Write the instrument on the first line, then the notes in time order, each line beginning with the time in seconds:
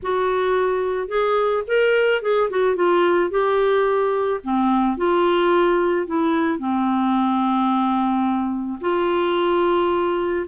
clarinet
0.02 F#4
1.08 G#4
1.67 A#4
2.22 G#4
2.49 F#4
2.75 F4
3.30 G4
4.43 C4
4.97 F4
6.07 E4
6.59 C4
8.80 F4